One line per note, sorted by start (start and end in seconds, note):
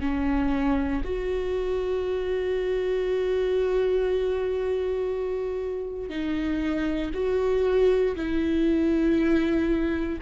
0.00 1.02 C#4
1.04 6.09 F#4
6.09 7.10 D#4
7.13 8.15 F#4
8.15 10.19 E4